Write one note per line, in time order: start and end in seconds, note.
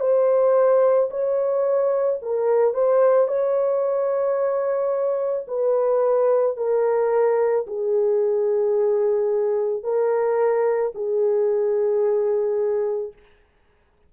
0.00 1.09 C5
1.11 2.20 C#5
2.22 2.74 A#4
2.74 3.28 C5
3.28 5.46 C#5
5.48 6.57 B4
6.57 7.66 A#4
7.67 9.84 G#4
9.84 10.93 A#4
10.95 13.13 G#4